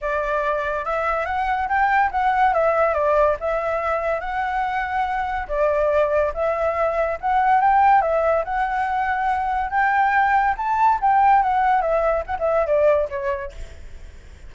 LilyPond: \new Staff \with { instrumentName = "flute" } { \time 4/4 \tempo 4 = 142 d''2 e''4 fis''4 | g''4 fis''4 e''4 d''4 | e''2 fis''2~ | fis''4 d''2 e''4~ |
e''4 fis''4 g''4 e''4 | fis''2. g''4~ | g''4 a''4 g''4 fis''4 | e''4 fis''16 e''8. d''4 cis''4 | }